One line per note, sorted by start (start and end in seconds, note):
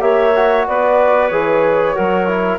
0.00 0.66 A#3
0.00 0.32 G4
0.00 0.67 C#5
0.00 0.66 E5
0.35 1.31 F#4
0.67 1.31 B3
0.67 1.95 B4
0.67 1.28 D5
1.28 1.95 E3
1.28 1.95 G#4
1.28 2.57 C#5
1.95 2.59 F#3
1.95 2.27 F#4
1.95 2.59 A#4
2.27 2.59 E4